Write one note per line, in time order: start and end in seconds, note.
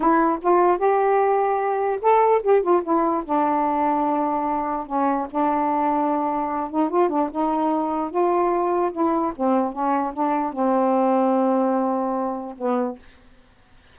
0.00 0.39 E4
0.41 0.78 F4
0.78 1.99 G4
2.01 2.42 A4
2.42 2.62 G4
2.62 2.82 F4
2.83 3.23 E4
3.24 4.86 D4
4.86 5.27 C#4
5.30 6.70 D4
6.70 6.89 D#4
6.89 7.09 F4
7.09 7.29 D4
7.31 8.10 D#4
8.10 8.91 F4
8.92 9.32 E4
9.35 9.72 C4
9.72 10.12 C#4
10.13 10.52 D4
10.52 12.55 C4
12.57 12.98 B3